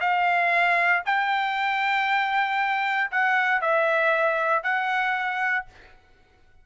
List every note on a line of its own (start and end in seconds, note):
0.00 1.03 F5
1.05 3.10 G5
3.11 3.61 F#5
3.61 4.63 E5
4.63 5.65 F#5